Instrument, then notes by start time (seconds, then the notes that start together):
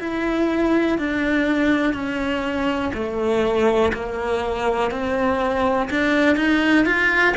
cello
0.00 E4
0.98 D4
1.94 C#4
2.94 A3
3.93 A#3
4.91 C4
5.90 D4
6.36 D#4
6.86 F4